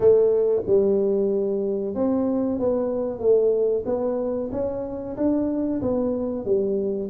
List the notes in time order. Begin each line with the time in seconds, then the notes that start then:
0.00 A3
0.66 G3
1.94 C4
2.59 B3
3.19 A3
3.85 B3
4.52 C#4
5.16 D4
5.81 B3
6.45 G3